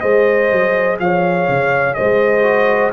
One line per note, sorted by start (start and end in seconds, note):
0.00 0.51 G#3
0.00 2.43 G#4
0.00 0.98 C5
0.00 0.97 D#5
0.51 0.99 F#3
0.99 1.48 F3
0.99 1.96 C#5
0.99 1.94 F5
1.48 1.96 C#3
1.94 2.92 G#3
1.94 2.92 C5
1.94 2.91 D#5
2.43 2.91 F#4